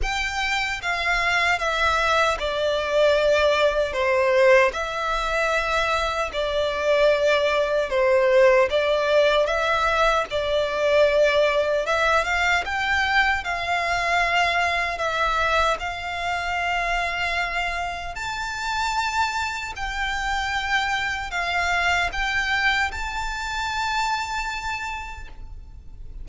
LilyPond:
\new Staff \with { instrumentName = "violin" } { \time 4/4 \tempo 4 = 76 g''4 f''4 e''4 d''4~ | d''4 c''4 e''2 | d''2 c''4 d''4 | e''4 d''2 e''8 f''8 |
g''4 f''2 e''4 | f''2. a''4~ | a''4 g''2 f''4 | g''4 a''2. | }